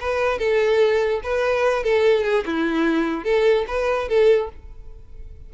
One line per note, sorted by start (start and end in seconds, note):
0.00 0.38 B4
0.38 1.20 A4
1.23 1.83 B4
1.83 2.23 A4
2.23 2.44 G#4
2.46 3.24 E4
3.24 3.65 A4
3.67 4.08 B4
4.08 4.49 A4